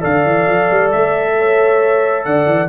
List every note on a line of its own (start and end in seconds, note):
0.00 0.25 D3
0.00 2.67 A4
0.00 1.34 D5
0.00 0.91 F5
0.25 0.47 E3
0.47 0.69 F3
0.71 0.93 G3
0.91 2.25 A3
0.91 2.25 E5
1.38 2.25 C#5
2.25 2.46 D3
2.25 2.69 D5
2.25 2.69 F#5
2.46 2.68 E3